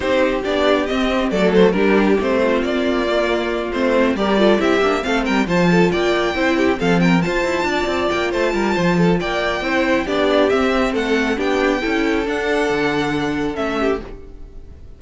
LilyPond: <<
  \new Staff \with { instrumentName = "violin" } { \time 4/4 \tempo 4 = 137 c''4 d''4 dis''4 d''8 c''8 | ais'4 c''4 d''2~ | d''8 c''4 d''4 e''4 f''8 | g''8 a''4 g''2 f''8 |
g''8 a''2 g''8 a''4~ | a''4 g''2 d''4 | e''4 fis''4 g''2 | fis''2. e''4 | }
  \new Staff \with { instrumentName = "violin" } { \time 4/4 g'2. a'4 | g'4. f'2~ f'8~ | f'4. ais'8 a'8 g'4 a'8 | ais'8 c''8 a'8 d''4 c''8 g'8 a'8 |
ais'8 c''4 d''4. c''8 ais'8 | c''8 a'8 d''4 c''4 g'4~ | g'4 a'4 g'4 a'4~ | a'2.~ a'8 g'8 | }
  \new Staff \with { instrumentName = "viola" } { \time 4/4 dis'4 d'4 c'4 a4 | d'4 c'2 ais4~ | ais8 c'4 g'8 f'8 e'8 d'8 c'8~ | c'8 f'2 e'4 c'8~ |
c'8 f'2.~ f'8~ | f'2 e'4 d'4 | c'2 d'4 e'4 | d'2. cis'4 | }
  \new Staff \with { instrumentName = "cello" } { \time 4/4 c'4 b4 c'4 fis4 | g4 a4 ais2~ | ais8 a4 g4 c'8 ais8 a8 | g8 f4 ais4 c'4 f8~ |
f8 f'8 e'8 d'8 c'8 ais8 a8 g8 | f4 ais4 c'4 b4 | c'4 a4 b4 cis'4 | d'4 d2 a4 | }
>>